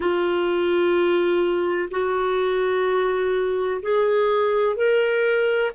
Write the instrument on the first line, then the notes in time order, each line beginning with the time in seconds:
clarinet
0.00 F4
1.90 F#4
3.82 G#4
4.76 A#4